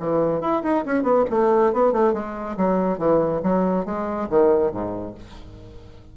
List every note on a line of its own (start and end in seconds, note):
0.00 0.41 E3
0.41 0.63 E4
0.63 0.85 D#4
0.86 1.03 C#4
1.03 1.25 B3
1.30 1.73 A3
1.73 1.93 B3
1.93 2.14 A3
2.14 2.57 G#3
2.57 2.98 F#3
2.98 3.42 E3
3.43 3.86 F#3
3.86 4.29 G#3
4.30 4.72 D#3
4.72 5.15 G#2